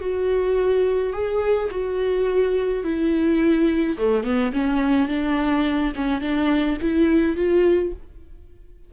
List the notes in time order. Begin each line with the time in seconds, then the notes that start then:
0.00 F#4
1.13 G#4
1.71 F#4
2.84 E4
3.98 A3
4.23 B3
4.53 C#4
5.08 D4
5.95 C#4
6.21 D4
6.81 E4
7.36 F4